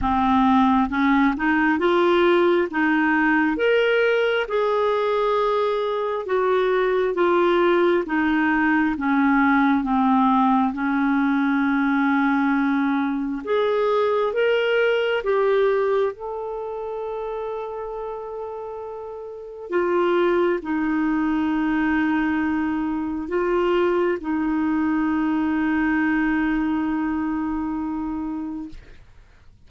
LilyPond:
\new Staff \with { instrumentName = "clarinet" } { \time 4/4 \tempo 4 = 67 c'4 cis'8 dis'8 f'4 dis'4 | ais'4 gis'2 fis'4 | f'4 dis'4 cis'4 c'4 | cis'2. gis'4 |
ais'4 g'4 a'2~ | a'2 f'4 dis'4~ | dis'2 f'4 dis'4~ | dis'1 | }